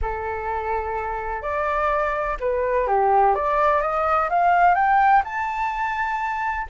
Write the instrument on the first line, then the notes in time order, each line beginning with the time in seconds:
flute
0.01 A4
1.42 D5
2.40 B4
2.87 G4
3.35 D5
3.81 D#5
4.29 F5
4.74 G5
5.24 A5